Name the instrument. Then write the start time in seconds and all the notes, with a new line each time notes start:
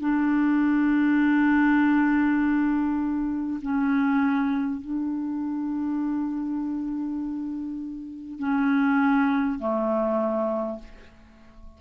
clarinet
0.00 D4
3.62 C#4
4.81 D4
8.39 C#4
9.59 A3